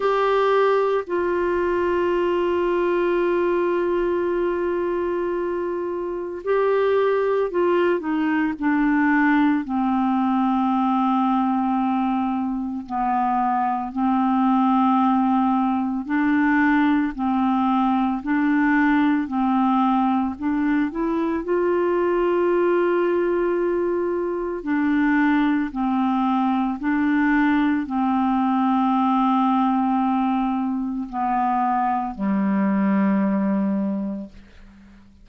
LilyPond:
\new Staff \with { instrumentName = "clarinet" } { \time 4/4 \tempo 4 = 56 g'4 f'2.~ | f'2 g'4 f'8 dis'8 | d'4 c'2. | b4 c'2 d'4 |
c'4 d'4 c'4 d'8 e'8 | f'2. d'4 | c'4 d'4 c'2~ | c'4 b4 g2 | }